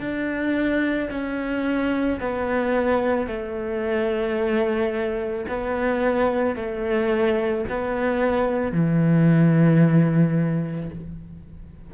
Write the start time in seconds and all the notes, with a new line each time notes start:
0.00 D4
1.11 C#4
2.20 B3
3.27 A3
5.48 B3
6.56 A3
7.69 B3
8.72 E3